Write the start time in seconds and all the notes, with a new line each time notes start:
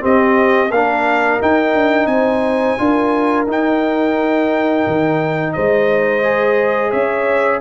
0.00 C4 G4 D#5
0.70 A#3 D4 A#4 F5
1.41 D#4 G5
1.75 D4
2.06 C4 C5 G#5
2.78 D4 F4 A#4
3.47 D#4 G5
4.86 D#3
5.53 G#3 C5 D#5
6.23 G#4
6.91 C#4 C#5 E5